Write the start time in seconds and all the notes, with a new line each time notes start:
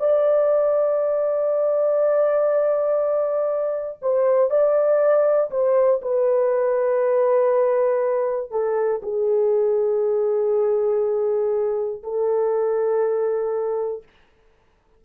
0.00 D5
4.02 C5
4.51 D5
5.51 C5
6.02 B4
8.51 A4
9.03 G#4
12.03 A4